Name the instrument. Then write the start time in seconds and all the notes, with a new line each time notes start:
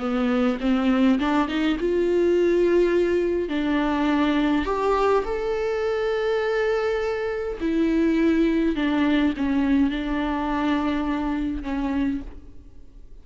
viola
0.00 B3
0.61 C4
1.20 D4
1.49 D#4
1.80 F4
3.49 D4
4.66 G4
5.25 A4
7.61 E4
8.76 D4
9.37 C#4
9.90 D4
11.63 C#4